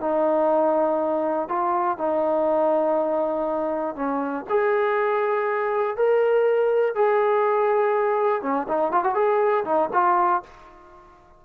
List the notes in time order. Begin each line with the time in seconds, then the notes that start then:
0.00 D#4
1.48 F4
1.97 D#4
3.95 C#4
4.49 G#4
5.96 A#4
6.95 G#4
8.42 C#4
8.68 D#4
8.91 F4
9.03 F#4
9.14 G#4
9.64 D#4
9.93 F4